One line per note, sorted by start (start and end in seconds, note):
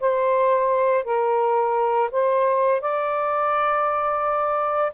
0.00 1.04 C5
1.04 2.10 A#4
2.11 2.81 C5
2.81 4.93 D5